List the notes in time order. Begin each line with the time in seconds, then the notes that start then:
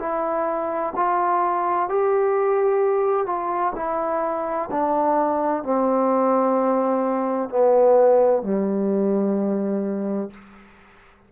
0.00 E4
0.96 F4
1.89 G4
3.26 F4
3.76 E4
4.71 D4
5.64 C4
7.50 B3
8.43 G3